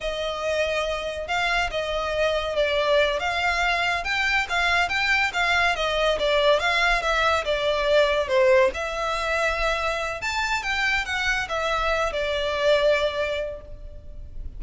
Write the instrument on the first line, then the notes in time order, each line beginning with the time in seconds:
violin
0.00 D#5
1.27 F5
1.70 D#5
2.55 D5
3.19 F5
4.04 G5
4.49 F5
4.88 G5
5.33 F5
5.75 D#5
6.19 D5
6.59 F5
7.02 E5
7.44 D5
8.28 C5
8.74 E5
10.21 A5
10.62 G5
11.05 F#5
11.49 E5
12.12 D5